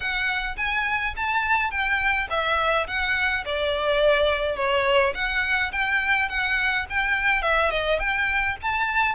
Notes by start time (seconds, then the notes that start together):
0.00 F#5
0.57 G#5
1.16 A5
1.70 G5
2.29 E5
2.87 F#5
3.45 D5
4.56 C#5
5.14 F#5
5.72 G5
6.29 F#5
6.89 G5
7.42 E5
7.70 D#5
7.99 G5
8.61 A5